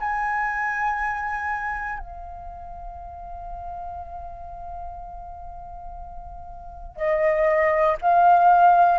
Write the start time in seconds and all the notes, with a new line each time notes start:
0.00 G#5
1.99 F5
6.96 D#5
8.01 F5